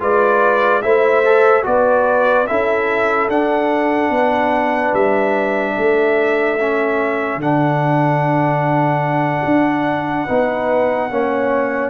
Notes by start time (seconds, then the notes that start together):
0.00 G#3 F4 B4 D5
0.82 A3 E4 C5 E5
1.25 A4
1.63 B3 F#4 B4 D5
2.47 C#4 E4 A4 E5
3.29 D4 F#5
4.10 B3 B4
4.93 G3 E5
5.76 A3 A4
6.61 C#4
7.36 D3 D4 F#5
9.45 D4
10.25 B3 D#4 B4
11.11 A#3 C#4 C#5